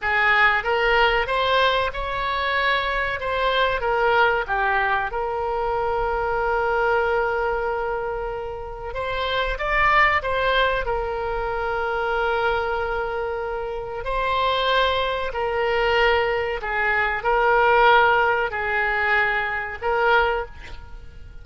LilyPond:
\new Staff \with { instrumentName = "oboe" } { \time 4/4 \tempo 4 = 94 gis'4 ais'4 c''4 cis''4~ | cis''4 c''4 ais'4 g'4 | ais'1~ | ais'2 c''4 d''4 |
c''4 ais'2.~ | ais'2 c''2 | ais'2 gis'4 ais'4~ | ais'4 gis'2 ais'4 | }